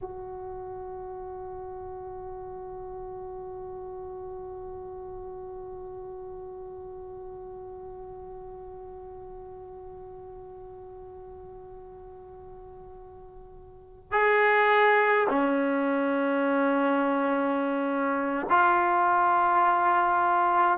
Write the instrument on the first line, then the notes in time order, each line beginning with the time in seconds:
trombone
0.01 F#4
14.12 G#4
15.29 C#4
18.49 F4